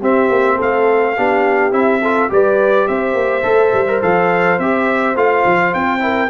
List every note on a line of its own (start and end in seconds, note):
0.00 0.29 C4
0.00 1.16 C4
0.00 0.56 G4
0.00 0.60 E5
0.29 0.58 A#3
0.56 1.18 A3
0.56 1.13 A4
0.56 1.73 F5
1.17 1.72 B3
1.17 1.71 D4
1.17 2.02 G4
1.71 2.29 C4
1.71 2.00 E4
1.71 2.30 E5
2.02 2.29 F4
2.02 2.31 A4
2.29 2.88 G3
2.29 3.42 G4
2.29 2.88 B4
2.29 2.87 D5
2.87 3.14 C4
2.87 6.02 C5
2.87 4.02 E5
3.14 3.42 A#3
3.42 3.73 A3
3.42 3.85 A4
3.73 4.02 G3
3.88 4.01 A#4
4.01 4.58 F3
4.01 4.59 A4
4.01 4.59 F5
4.58 5.15 C4
4.58 5.16 G4
4.58 5.16 E5
5.15 5.44 A3
5.15 6.00 F4
5.15 5.74 F5
5.45 5.74 F3
5.74 6.30 C4
5.74 6.30 G5
6.00 6.28 E4
6.00 6.30 A#4